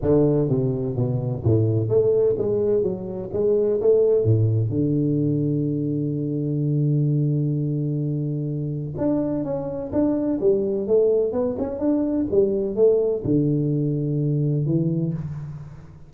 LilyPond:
\new Staff \with { instrumentName = "tuba" } { \time 4/4 \tempo 4 = 127 d4 c4 b,4 a,4 | a4 gis4 fis4 gis4 | a4 a,4 d2~ | d1~ |
d2. d'4 | cis'4 d'4 g4 a4 | b8 cis'8 d'4 g4 a4 | d2. e4 | }